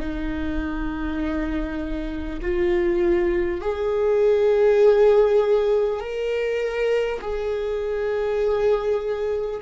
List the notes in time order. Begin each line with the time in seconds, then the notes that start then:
0.00 D#4
2.42 F4
3.61 G#4
6.01 A#4
7.21 G#4